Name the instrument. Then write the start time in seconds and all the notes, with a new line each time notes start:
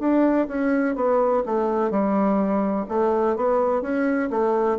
bassoon
0.00 D4
0.48 C#4
0.96 B3
1.46 A3
1.91 G3
2.89 A3
3.36 B3
3.82 C#4
4.31 A3